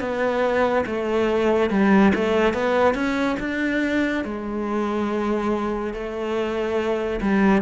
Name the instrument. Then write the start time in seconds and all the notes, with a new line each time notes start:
cello
0.00 B3
0.86 A3
1.70 G3
2.15 A3
2.54 B3
2.94 C#4
3.40 D4
4.24 G#3
5.93 A3
7.21 G3